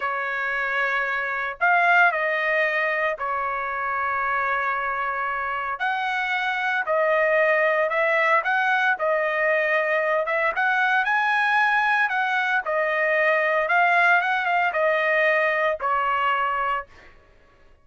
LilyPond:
\new Staff \with { instrumentName = "trumpet" } { \time 4/4 \tempo 4 = 114 cis''2. f''4 | dis''2 cis''2~ | cis''2. fis''4~ | fis''4 dis''2 e''4 |
fis''4 dis''2~ dis''8 e''8 | fis''4 gis''2 fis''4 | dis''2 f''4 fis''8 f''8 | dis''2 cis''2 | }